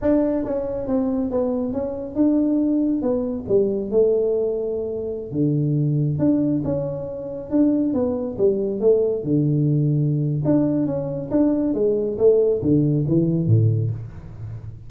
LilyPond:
\new Staff \with { instrumentName = "tuba" } { \time 4/4 \tempo 4 = 138 d'4 cis'4 c'4 b4 | cis'4 d'2 b4 | g4 a2.~ | a16 d2 d'4 cis'8.~ |
cis'4~ cis'16 d'4 b4 g8.~ | g16 a4 d2~ d8. | d'4 cis'4 d'4 gis4 | a4 d4 e4 a,4 | }